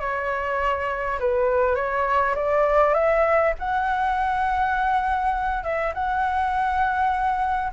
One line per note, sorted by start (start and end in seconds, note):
0.00 1.19 C#5
1.20 1.76 B4
1.76 2.35 C#5
2.35 2.94 D5
2.94 3.54 E5
3.59 5.64 F#5
5.64 5.93 E5
5.94 7.72 F#5